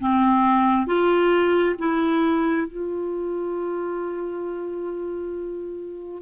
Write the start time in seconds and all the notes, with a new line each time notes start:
0.00 C4
0.87 F4
1.79 E4
2.68 F4